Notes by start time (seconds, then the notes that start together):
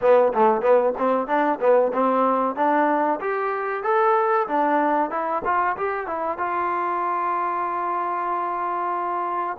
0.01 B3
0.33 A3
0.61 B3
0.97 C4
1.27 D4
1.60 B3
1.93 C4
2.55 D4
3.20 G4
3.83 A4
4.47 D4
5.10 E4
5.44 F4
5.76 G4
6.06 E4
6.38 F4